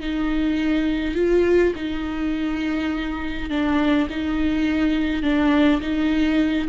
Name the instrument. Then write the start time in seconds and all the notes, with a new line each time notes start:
viola
0.00 D#4
1.15 F4
1.75 D#4
3.50 D4
4.10 D#4
5.22 D4
5.81 D#4